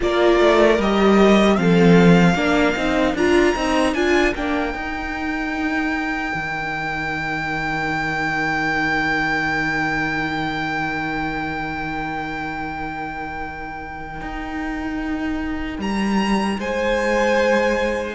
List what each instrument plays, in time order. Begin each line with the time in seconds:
0.00 cello A#3, viola F4, violin A#4 D5
0.39 cello A3
0.78 cello G3, viola G4, violin D#5
1.56 cello F3, viola C4, violin A4 F5
2.35 cello A#3, viola D4, violin A#4
2.75 cello C4, viola D#4
3.14 cello D4, viola F4, violin A#5
3.55 cello C4, viola D#4
3.94 cello D4, viola F4, violin G#5
4.34 cello A#3, viola D4, violin G5
4.72 viola D#4, cello D#4
6.34 cello D#3
14.20 cello D#4
15.78 cello G3, violin A#5
16.58 cello G#3, violin C5 G#5